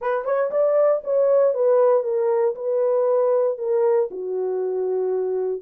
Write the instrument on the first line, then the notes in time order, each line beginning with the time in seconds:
horn
0.01 B4
0.24 C#5
0.51 D5
1.04 C#5
1.54 B4
2.03 A#4
2.55 B4
3.58 A#4
4.10 F#4